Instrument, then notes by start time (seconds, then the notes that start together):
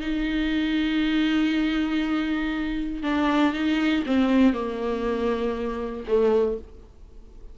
viola
0.00 D#4
3.03 D4
3.53 D#4
4.06 C4
4.53 A#3
6.07 A3